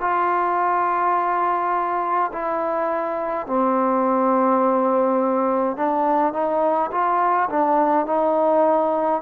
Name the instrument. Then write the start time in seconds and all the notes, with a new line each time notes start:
trombone
0.00 F4
2.32 E4
3.46 C4
5.76 D4
6.33 D#4
6.91 F4
7.49 D4
8.06 D#4